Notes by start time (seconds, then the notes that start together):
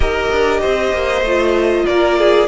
0.00 D#4 G4 A#4 D#5
0.31 D4
0.60 C4 C5
0.93 A#3
1.21 A3 F4
1.86 A#3 A#4 D5
2.19 G#4